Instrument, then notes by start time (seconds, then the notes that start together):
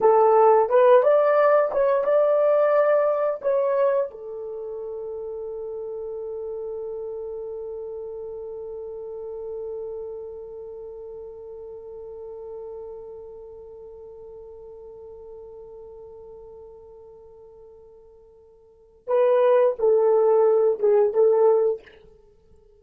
horn
0.01 A4
0.69 B4
1.02 D5
1.71 C#5
2.04 D5
3.41 C#5
4.11 A4
19.07 B4
19.78 A4
20.79 G#4
21.13 A4